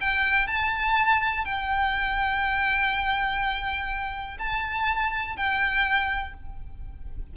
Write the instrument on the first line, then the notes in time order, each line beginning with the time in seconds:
violin
0.00 G5
0.47 A5
1.44 G5
4.39 A5
5.36 G5